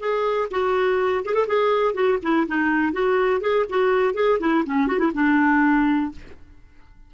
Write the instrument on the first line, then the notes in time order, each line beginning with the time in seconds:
clarinet
0.00 G#4
0.51 F#4
1.25 G#4
1.35 A4
1.47 G#4
1.94 F#4
2.23 E4
2.47 D#4
2.93 F#4
3.41 G#4
3.70 F#4
4.15 G#4
4.40 E4
4.66 C#4
4.88 F#4
4.99 E4
5.14 D4